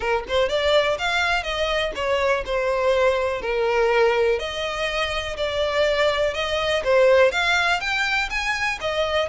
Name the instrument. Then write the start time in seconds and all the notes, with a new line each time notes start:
violin
0.00 A#4
0.28 C5
0.48 D5
0.98 F5
1.43 D#5
1.95 C#5
2.45 C5
3.41 A#4
4.39 D#5
5.36 D5
6.34 D#5
6.84 C5
7.31 F5
7.80 G5
8.29 G#5
8.80 D#5